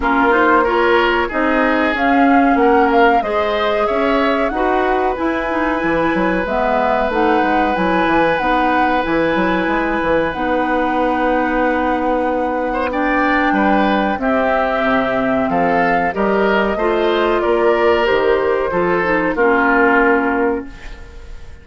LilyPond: <<
  \new Staff \with { instrumentName = "flute" } { \time 4/4 \tempo 4 = 93 ais'8 c''8 cis''4 dis''4 f''4 | fis''8 f''8 dis''4 e''4 fis''4 | gis''2 e''4 fis''4 | gis''4 fis''4 gis''2 |
fis''1 | g''2 e''2 | f''4 dis''2 d''4 | c''2 ais'2 | }
  \new Staff \with { instrumentName = "oboe" } { \time 4/4 f'4 ais'4 gis'2 | ais'4 c''4 cis''4 b'4~ | b'1~ | b'1~ |
b'2.~ b'8. c''16 | d''4 b'4 g'2 | a'4 ais'4 c''4 ais'4~ | ais'4 a'4 f'2 | }
  \new Staff \with { instrumentName = "clarinet" } { \time 4/4 cis'8 dis'8 f'4 dis'4 cis'4~ | cis'4 gis'2 fis'4 | e'8 dis'8 e'4 b4 dis'4 | e'4 dis'4 e'2 |
dis'1 | d'2 c'2~ | c'4 g'4 f'2 | g'4 f'8 dis'8 cis'2 | }
  \new Staff \with { instrumentName = "bassoon" } { \time 4/4 ais2 c'4 cis'4 | ais4 gis4 cis'4 dis'4 | e'4 e8 fis8 gis4 a8 gis8 | fis8 e8 b4 e8 fis8 gis8 e8 |
b1~ | b4 g4 c'4 c4 | f4 g4 a4 ais4 | dis4 f4 ais2 | }
>>